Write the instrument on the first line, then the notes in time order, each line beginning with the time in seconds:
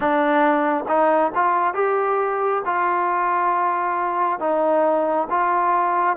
trombone
0.00 D4
0.87 D#4
1.34 F4
1.74 G4
2.65 F4
4.39 D#4
5.29 F4